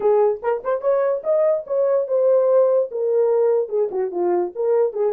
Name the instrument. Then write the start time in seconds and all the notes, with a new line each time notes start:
horn
0.00 G#4
0.42 A#4
0.64 C5
0.81 C#5
1.23 D#5
1.66 C#5
2.07 C5
2.91 A#4
3.69 G#4
3.91 F#4
4.11 F4
4.55 A#4
4.93 G#4